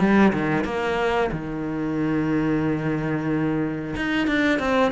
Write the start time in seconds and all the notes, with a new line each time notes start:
0.00 G3
0.33 D#3
0.65 A#3
1.32 D#3
3.96 D#4
4.28 D4
4.60 C4